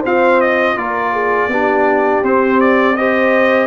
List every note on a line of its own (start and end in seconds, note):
0.00 0.76 C4
0.00 0.76 F4
0.00 0.73 C5
0.00 0.41 F5
0.41 0.77 D#5
0.76 1.48 A#3
0.76 1.49 F4
0.76 1.13 A#4
0.76 2.23 D5
1.13 1.49 G#4
1.48 2.21 B3
1.48 2.23 D4
1.48 2.97 G4
2.22 3.66 C4
2.22 2.96 C4
2.22 2.60 C5
2.60 2.96 D5
2.96 3.66 G4
2.96 3.66 C5
2.96 3.66 D#5